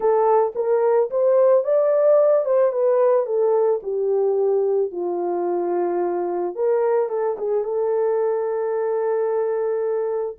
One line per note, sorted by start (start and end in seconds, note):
0.00 0.53 A4
0.55 1.09 A#4
1.10 1.64 C5
1.64 2.45 D5
2.45 2.71 C5
2.71 3.26 B4
3.26 3.80 A4
3.83 4.91 G4
4.91 6.55 F4
6.55 7.09 A#4
7.09 7.36 A4
7.38 7.64 G#4
7.64 10.36 A4